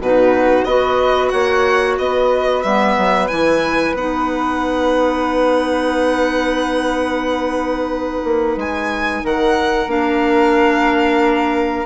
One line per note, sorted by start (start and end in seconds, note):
0.00 0.66 B2
0.00 0.67 D#4
0.00 0.66 F#4
0.00 0.65 B4
0.65 1.32 B3
0.65 2.65 F#4
0.65 1.32 B4
0.65 1.29 D#5
1.29 1.98 A#3
1.29 1.99 C#5
1.29 1.95 F#5
1.98 2.64 B3
1.98 9.24 B4
1.98 2.63 D#5
2.63 2.97 G3
2.63 3.30 B3
2.63 3.28 E5
2.98 3.30 F#3
3.28 3.94 E3
3.28 3.96 E4
3.28 3.94 G#5
3.94 8.22 B3
3.94 9.89 D#4
3.94 8.59 F#5
8.24 8.57 A#3
8.57 9.23 G#3
8.57 9.26 G#5
9.24 9.87 D#3
9.24 11.86 A#4
9.24 9.91 F#5
9.87 11.85 A#3
9.87 11.86 D4
9.87 11.86 F5